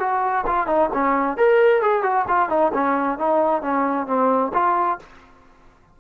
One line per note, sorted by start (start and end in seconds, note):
0.00 0.45 F#4
0.47 0.67 F4
0.67 0.90 D#4
0.94 1.38 C#4
1.38 1.82 A#4
1.82 2.03 G#4
2.03 2.26 F#4
2.28 2.50 F4
2.50 2.72 D#4
2.74 3.19 C#4
3.19 3.62 D#4
3.62 4.07 C#4
4.07 4.52 C4
4.54 4.99 F4